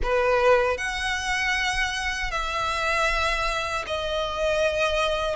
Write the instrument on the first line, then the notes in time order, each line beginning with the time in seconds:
violin
0.02 B4
0.77 F#5
2.31 E5
3.86 D#5